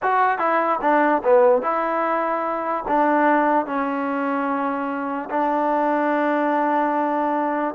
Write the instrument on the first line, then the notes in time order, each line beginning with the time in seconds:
trombone
0.02 F#4
0.38 E4
0.81 D4
1.23 B3
1.61 E4
2.88 D4
3.66 C#4
5.30 D4